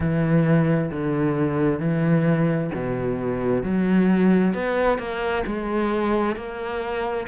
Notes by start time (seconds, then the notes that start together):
0.00 E3
0.91 D3
1.79 E3
2.74 B2
3.63 F#3
4.54 B3
4.98 A#3
5.46 G#3
6.36 A#3